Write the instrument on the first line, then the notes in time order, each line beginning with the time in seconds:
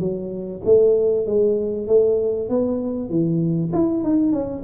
tuba
0.00 F#3
0.65 A3
1.27 G#3
1.88 A3
2.50 B3
3.10 E3
3.73 E4
4.04 D#4
4.33 C#4